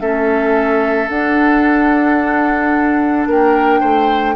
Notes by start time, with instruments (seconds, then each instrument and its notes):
0.00 bassoon A3, clarinet C#4, oboe A4, flute E5
1.09 bassoon D4, clarinet D4, flute F#5
3.26 bassoon A#3, oboe A#4, flute G5
3.80 bassoon A3, oboe C5